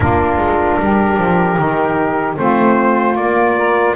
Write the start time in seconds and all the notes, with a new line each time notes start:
0.00 A#3 D4 F4 A#4
0.37 G#3
0.79 G3 G4
1.17 F3
1.57 D#3 D#4
2.36 A3 C4 F4 C5
3.16 A#3 D5
3.56 A#4